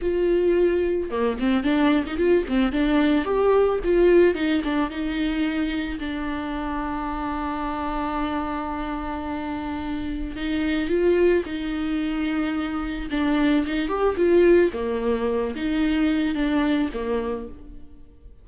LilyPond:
\new Staff \with { instrumentName = "viola" } { \time 4/4 \tempo 4 = 110 f'2 ais8 c'8 d'8. dis'16 | f'8 c'8 d'4 g'4 f'4 | dis'8 d'8 dis'2 d'4~ | d'1~ |
d'2. dis'4 | f'4 dis'2. | d'4 dis'8 g'8 f'4 ais4~ | ais8 dis'4. d'4 ais4 | }